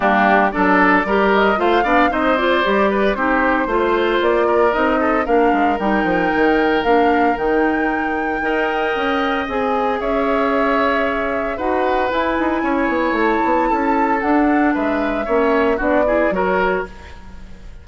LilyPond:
<<
  \new Staff \with { instrumentName = "flute" } { \time 4/4 \tempo 4 = 114 g'4 d''4. dis''8 f''4 | dis''8 d''4. c''2 | d''4 dis''4 f''4 g''4~ | g''4 f''4 g''2~ |
g''2 gis''4 e''4~ | e''2 fis''4 gis''4~ | gis''4 a''2 fis''4 | e''2 d''4 cis''4 | }
  \new Staff \with { instrumentName = "oboe" } { \time 4/4 d'4 a'4 ais'4 c''8 d''8 | c''4. b'8 g'4 c''4~ | c''8 ais'4 a'8 ais'2~ | ais'1 |
dis''2. cis''4~ | cis''2 b'2 | cis''2 a'2 | b'4 cis''4 fis'8 gis'8 ais'4 | }
  \new Staff \with { instrumentName = "clarinet" } { \time 4/4 ais4 d'4 g'4 f'8 d'8 | dis'8 f'8 g'4 dis'4 f'4~ | f'4 dis'4 d'4 dis'4~ | dis'4 d'4 dis'2 |
ais'2 gis'2~ | gis'2 fis'4 e'4~ | e'2. d'4~ | d'4 cis'4 d'8 e'8 fis'4 | }
  \new Staff \with { instrumentName = "bassoon" } { \time 4/4 g4 fis4 g4 a8 b8 | c'4 g4 c'4 a4 | ais4 c'4 ais8 gis8 g8 f8 | dis4 ais4 dis2 |
dis'4 cis'4 c'4 cis'4~ | cis'2 dis'4 e'8 dis'8 | cis'8 b8 a8 b8 cis'4 d'4 | gis4 ais4 b4 fis4 | }
>>